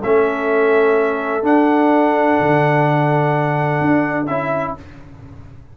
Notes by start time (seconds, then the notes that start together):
0.00 A3 C#4 A4 E5
1.43 D4 F#5
2.40 D3
3.81 D4
4.27 C#4 E4 E5